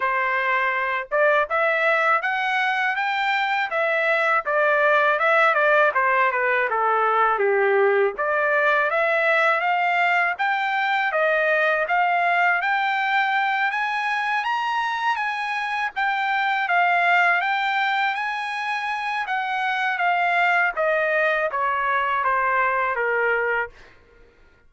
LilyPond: \new Staff \with { instrumentName = "trumpet" } { \time 4/4 \tempo 4 = 81 c''4. d''8 e''4 fis''4 | g''4 e''4 d''4 e''8 d''8 | c''8 b'8 a'4 g'4 d''4 | e''4 f''4 g''4 dis''4 |
f''4 g''4. gis''4 ais''8~ | ais''8 gis''4 g''4 f''4 g''8~ | g''8 gis''4. fis''4 f''4 | dis''4 cis''4 c''4 ais'4 | }